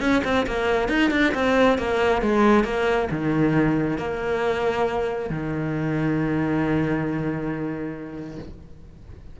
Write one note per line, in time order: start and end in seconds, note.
0.00 0.22 C#4
0.24 0.46 C4
0.47 0.88 A#3
0.88 1.10 D#4
1.10 1.33 D4
1.34 1.78 C4
1.78 2.21 A#3
2.21 2.64 G#3
2.64 3.08 A#3
3.11 3.98 D#3
3.98 5.29 A#3
5.29 8.38 D#3